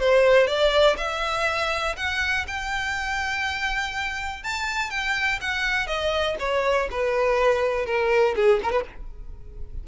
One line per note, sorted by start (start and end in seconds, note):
0.00 0.47 C5
0.47 0.96 D5
0.98 1.96 E5
1.97 2.46 F#5
2.47 4.44 G5
4.44 4.90 A5
4.90 5.40 G5
5.41 5.87 F#5
5.87 6.36 D#5
6.39 6.89 C#5
6.91 7.86 B4
7.86 8.35 A#4
8.36 8.60 G#4
8.63 8.72 A#4
8.72 8.84 B4